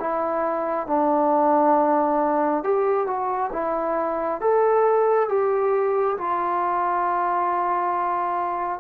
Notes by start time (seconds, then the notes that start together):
0.00 E4
0.87 D4
2.64 G4
3.07 F#4
3.53 E4
4.41 A4
5.29 G4
6.18 F4